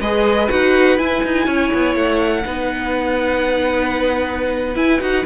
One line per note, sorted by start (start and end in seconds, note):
0.00 0.49 G#3
0.00 0.49 G#4
0.00 1.46 B4
0.00 0.49 D#5
0.49 0.99 D#4
0.49 0.97 F#4
0.49 0.98 F#5
0.97 2.44 E4
0.97 1.23 E4
0.97 1.95 G#5
1.23 1.47 D#4
1.46 1.71 C#4
1.46 2.44 C#5
1.73 1.95 B3
1.95 2.44 A3
1.95 4.77 F#5
2.45 4.76 B3
2.45 4.75 D#4
2.45 5.26 B4
4.75 4.99 E4
4.75 5.00 E4
4.75 5.01 G#5
5.00 5.25 D#4
5.00 5.24 F#4
5.00 5.25 F#5